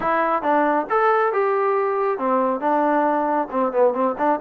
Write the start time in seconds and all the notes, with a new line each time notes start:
0.00 E4
0.42 D4
0.89 A4
1.33 G4
2.18 C4
2.60 D4
3.50 C4
3.72 B3
3.93 C4
4.18 D4